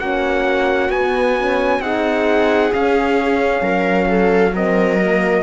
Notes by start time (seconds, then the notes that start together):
0.00 A#3 C#4 F#4 F#5
0.90 B3 G#5
1.39 C#4
1.80 C4 D#4 G#4 F#5
2.71 C#4 F5
3.62 F#3 A#4
4.09 A4
4.55 C4 A#4 D#5
5.02 A#3